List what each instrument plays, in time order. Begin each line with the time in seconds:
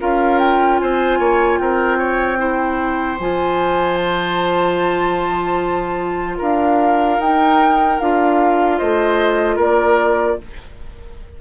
0.00 bassoon C#4, clarinet F4, oboe A#4, flute F5
0.39 flute G5
0.79 bassoon C4, oboe C5, flute G#5
1.19 bassoon A#3, oboe C#5
1.59 bassoon C4, oboe A#4, flute G5
1.99 oboe C#5
2.38 clarinet E4, oboe C5
3.20 bassoon F3, clarinet F4, flute G#5
3.98 flute A5
6.38 bassoon D4, oboe A#4, flute F5
7.19 bassoon D#4, clarinet D#4, flute G5
8.00 bassoon D4, clarinet F4, flute F5
8.79 bassoon A3, oboe C5, flute D#5
9.56 bassoon A#3, oboe A#4, flute D5